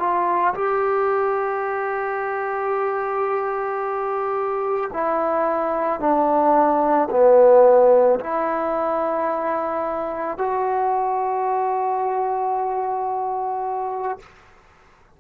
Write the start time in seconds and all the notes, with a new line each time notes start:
0.00 F4
0.55 G4
4.93 E4
6.00 D4
7.11 B3
8.20 E4
10.38 F#4